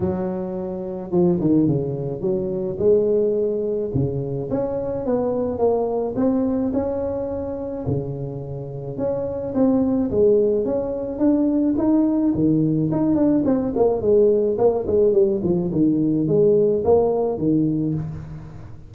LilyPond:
\new Staff \with { instrumentName = "tuba" } { \time 4/4 \tempo 4 = 107 fis2 f8 dis8 cis4 | fis4 gis2 cis4 | cis'4 b4 ais4 c'4 | cis'2 cis2 |
cis'4 c'4 gis4 cis'4 | d'4 dis'4 dis4 dis'8 d'8 | c'8 ais8 gis4 ais8 gis8 g8 f8 | dis4 gis4 ais4 dis4 | }